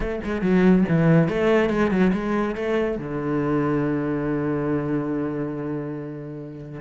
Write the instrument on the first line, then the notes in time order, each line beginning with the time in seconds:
cello
0.00 A3
0.24 G#3
0.41 F#3
0.88 E3
1.28 A3
1.69 G#3
1.90 F#3
2.13 G#3
2.55 A3
2.98 D3